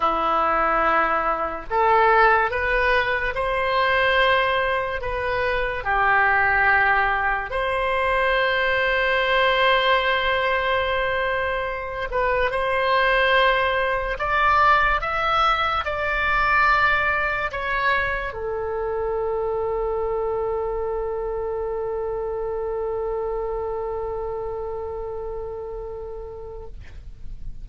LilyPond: \new Staff \with { instrumentName = "oboe" } { \time 4/4 \tempo 4 = 72 e'2 a'4 b'4 | c''2 b'4 g'4~ | g'4 c''2.~ | c''2~ c''8 b'8 c''4~ |
c''4 d''4 e''4 d''4~ | d''4 cis''4 a'2~ | a'1~ | a'1 | }